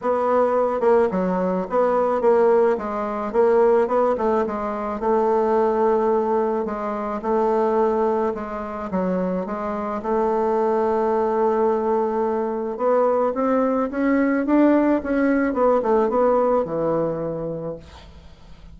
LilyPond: \new Staff \with { instrumentName = "bassoon" } { \time 4/4 \tempo 4 = 108 b4. ais8 fis4 b4 | ais4 gis4 ais4 b8 a8 | gis4 a2. | gis4 a2 gis4 |
fis4 gis4 a2~ | a2. b4 | c'4 cis'4 d'4 cis'4 | b8 a8 b4 e2 | }